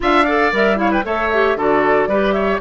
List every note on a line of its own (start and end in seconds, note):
0.00 0.52 D4
0.00 0.25 F4
0.00 0.25 E5
0.00 0.54 F5
0.25 0.52 A4
0.25 0.77 D5
0.52 1.04 G3
0.52 0.75 A#4
0.52 0.79 E5
0.75 1.02 E4
0.75 0.91 C#5
0.75 0.92 F5
0.91 1.04 B4
0.91 1.05 G5
1.03 1.55 A3
1.03 1.30 A4
1.03 1.57 C#5
1.03 1.58 E5
1.32 1.57 G4
1.55 2.07 D3
1.55 2.09 F#4
1.55 2.08 A4
1.55 2.32 D5
2.07 2.59 G3
2.07 2.61 G4
2.07 2.34 B4
2.32 2.60 C#5
2.32 2.58 E5